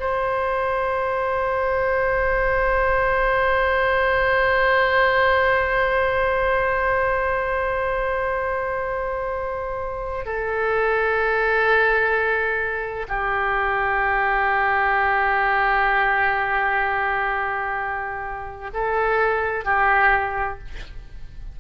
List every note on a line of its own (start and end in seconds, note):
0.00 10.26 C5
10.26 13.07 A4
13.09 18.71 G4
18.74 19.65 A4
19.65 20.59 G4